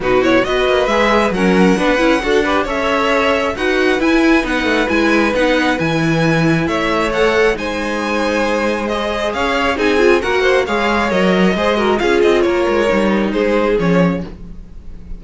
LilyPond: <<
  \new Staff \with { instrumentName = "violin" } { \time 4/4 \tempo 4 = 135 b'8 cis''8 dis''4 e''4 fis''4~ | fis''2 e''2 | fis''4 gis''4 fis''4 gis''4 | fis''4 gis''2 e''4 |
fis''4 gis''2. | dis''4 f''4 gis''4 fis''4 | f''4 dis''2 f''8 dis''8 | cis''2 c''4 cis''4 | }
  \new Staff \with { instrumentName = "violin" } { \time 4/4 fis'4 b'2 ais'4 | b'4 a'8 b'8 cis''2 | b'1~ | b'2. cis''4~ |
cis''4 c''2.~ | c''4 cis''4 gis'4 ais'8 c''8 | cis''2 c''8 ais'8 gis'4 | ais'2 gis'2 | }
  \new Staff \with { instrumentName = "viola" } { \time 4/4 dis'8 e'8 fis'4 gis'4 cis'4 | d'8 e'8 fis'8 g'8 a'2 | fis'4 e'4 dis'4 e'4 | dis'4 e'2. |
a'4 dis'2. | gis'2 dis'8 f'8 fis'4 | gis'4 ais'4 gis'8 fis'8 f'4~ | f'4 dis'2 cis'4 | }
  \new Staff \with { instrumentName = "cello" } { \time 4/4 b,4 b8 ais8 gis4 fis4 | b8 cis'8 d'4 cis'2 | dis'4 e'4 b8 a8 gis4 | b4 e2 a4~ |
a4 gis2.~ | gis4 cis'4 c'4 ais4 | gis4 fis4 gis4 cis'8 c'8 | ais8 gis8 g4 gis4 f4 | }
>>